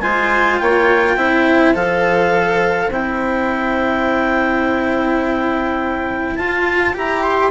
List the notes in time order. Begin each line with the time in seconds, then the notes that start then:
0.00 G#3 F4 C5 G#5
0.58 A#3 C#5 G5
1.15 C4 E4 C5
1.74 F3 A4 F5
2.89 C4 E4 G5
6.36 F4 A5
6.93 E4 G4 A#5
7.22 C6